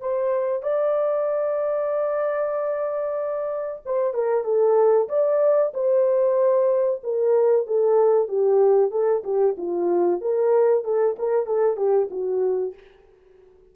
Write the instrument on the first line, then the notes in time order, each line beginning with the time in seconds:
horn
0.00 C5
0.63 D5
3.86 C5
4.14 A#4
4.44 A4
5.09 D5
5.74 C5
7.03 A#4
7.67 A4
8.28 G4
8.91 A4
9.24 G4
9.57 F4
10.21 A#4
10.85 A4
11.19 A#4
11.46 A4
11.77 G4
12.11 F#4